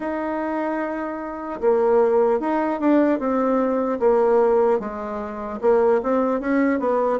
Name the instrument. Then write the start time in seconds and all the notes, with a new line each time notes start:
bassoon
0.00 D#4
1.60 A#3
2.40 D#4
2.80 D4
3.19 C4
3.99 A#3
4.79 G#3
5.61 A#3
6.02 C4
6.40 C#4
6.79 B3